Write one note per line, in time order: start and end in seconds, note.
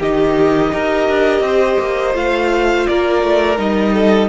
0.00 0.72 D#3
0.00 0.72 D#4
0.00 0.71 G4
0.00 2.16 D#5
0.72 1.09 D#4
0.72 2.13 G4
0.72 1.44 A#4
1.09 1.40 D4
1.40 1.76 C4
1.40 2.89 C5
1.80 2.15 A#3
2.13 2.86 A3
2.13 3.56 F4
2.13 2.87 F5
2.87 3.23 A#3
2.87 3.94 A#4
2.87 3.58 D5
3.23 3.58 A3
3.57 4.28 G3
3.57 4.28 D#4
3.57 4.28 D#5
3.94 4.28 A4